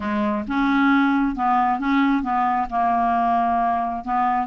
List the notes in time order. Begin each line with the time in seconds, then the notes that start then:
0.00 G#3
0.47 C#4
1.35 B3
1.79 C#4
2.23 B3
2.70 A#3
4.04 B3